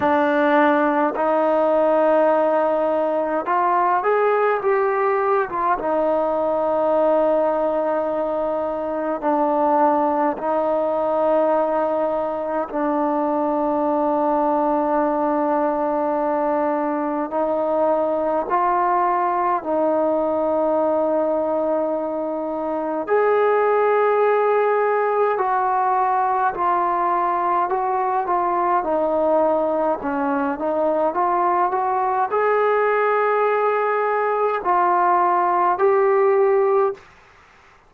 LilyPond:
\new Staff \with { instrumentName = "trombone" } { \time 4/4 \tempo 4 = 52 d'4 dis'2 f'8 gis'8 | g'8. f'16 dis'2. | d'4 dis'2 d'4~ | d'2. dis'4 |
f'4 dis'2. | gis'2 fis'4 f'4 | fis'8 f'8 dis'4 cis'8 dis'8 f'8 fis'8 | gis'2 f'4 g'4 | }